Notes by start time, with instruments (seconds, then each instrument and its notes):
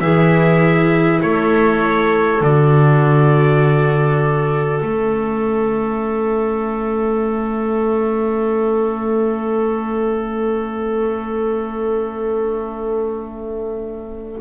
0.00 double bass E3, viola E4, clarinet G#4, trumpet E5
1.21 double bass A3, clarinet A4, trumpet C#5
2.41 double bass D3, viola F#4, trumpet D5
4.80 double bass A3, viola C#4, trumpet E5